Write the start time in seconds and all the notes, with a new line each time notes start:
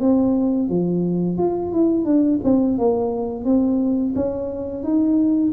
0.00 C4
0.69 F3
1.38 F4
1.72 E4
2.05 D4
2.44 C4
2.78 A#3
3.45 C4
4.16 C#4
4.83 D#4